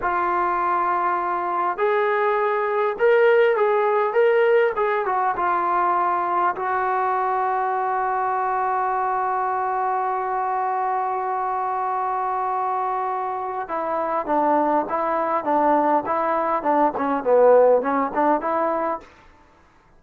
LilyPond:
\new Staff \with { instrumentName = "trombone" } { \time 4/4 \tempo 4 = 101 f'2. gis'4~ | gis'4 ais'4 gis'4 ais'4 | gis'8 fis'8 f'2 fis'4~ | fis'1~ |
fis'1~ | fis'2. e'4 | d'4 e'4 d'4 e'4 | d'8 cis'8 b4 cis'8 d'8 e'4 | }